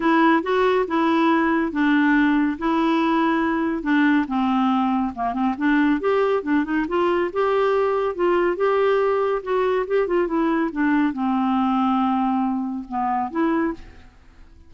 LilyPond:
\new Staff \with { instrumentName = "clarinet" } { \time 4/4 \tempo 4 = 140 e'4 fis'4 e'2 | d'2 e'2~ | e'4 d'4 c'2 | ais8 c'8 d'4 g'4 d'8 dis'8 |
f'4 g'2 f'4 | g'2 fis'4 g'8 f'8 | e'4 d'4 c'2~ | c'2 b4 e'4 | }